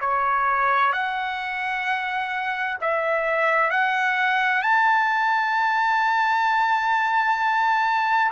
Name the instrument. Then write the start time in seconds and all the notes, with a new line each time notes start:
trumpet
0.00 C#5
0.92 F#5
2.81 E5
3.70 F#5
4.62 A5